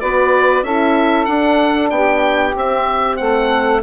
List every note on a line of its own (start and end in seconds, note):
0.00 0.62 B3
0.00 0.65 F#4
0.00 0.64 B4
0.00 0.63 D5
0.62 1.26 C#4
0.62 1.27 E4
0.62 1.92 A4
0.62 1.25 E5
1.25 2.54 D4
1.25 1.90 D4
1.25 1.89 F#5
1.90 2.54 B3
1.90 3.19 G4
1.90 2.54 G5
2.55 3.18 C4
2.55 3.83 C4
2.55 3.16 E5
3.16 3.83 A3
3.16 3.83 A4
3.16 3.80 F#5